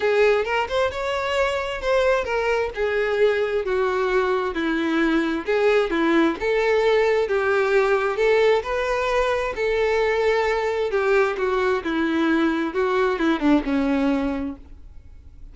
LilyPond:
\new Staff \with { instrumentName = "violin" } { \time 4/4 \tempo 4 = 132 gis'4 ais'8 c''8 cis''2 | c''4 ais'4 gis'2 | fis'2 e'2 | gis'4 e'4 a'2 |
g'2 a'4 b'4~ | b'4 a'2. | g'4 fis'4 e'2 | fis'4 e'8 d'8 cis'2 | }